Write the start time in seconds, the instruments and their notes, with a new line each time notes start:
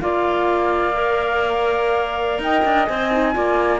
0.00 cello A#3, clarinet F4, saxophone D5, flute F5
0.93 clarinet A#4
2.39 cello D#4, saxophone D#5, flute G5
2.65 cello D4
2.86 cello C4, clarinet C5, flute G#5
3.12 clarinet D#4
3.34 cello A#3, clarinet F4, saxophone D5